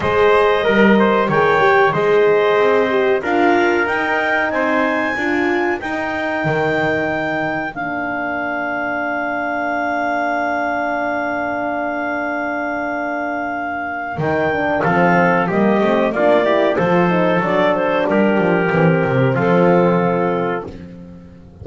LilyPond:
<<
  \new Staff \with { instrumentName = "clarinet" } { \time 4/4 \tempo 4 = 93 dis''2 g''4 dis''4~ | dis''4 f''4 g''4 gis''4~ | gis''4 g''2. | f''1~ |
f''1~ | f''2 g''4 f''4 | dis''4 d''4 c''4 d''8 c''8 | ais'2 a'2 | }
  \new Staff \with { instrumentName = "trumpet" } { \time 4/4 c''4 ais'8 c''8 cis''4 c''4~ | c''4 ais'2 c''4 | ais'1~ | ais'1~ |
ais'1~ | ais'2. a'4 | g'4 f'8 g'8 a'2 | g'2 f'2 | }
  \new Staff \with { instrumentName = "horn" } { \time 4/4 gis'4 ais'4 gis'8 g'8 gis'4~ | gis'8 g'8 f'4 dis'2 | f'4 dis'2. | d'1~ |
d'1~ | d'2 dis'8 d'8 c'4 | ais8 c'8 d'8 e'8 f'8 dis'8 d'4~ | d'4 c'2. | }
  \new Staff \with { instrumentName = "double bass" } { \time 4/4 gis4 g4 dis4 gis4 | c'4 d'4 dis'4 c'4 | d'4 dis'4 dis2 | ais1~ |
ais1~ | ais2 dis4 f4 | g8 a8 ais4 f4 fis4 | g8 f8 e8 c8 f2 | }
>>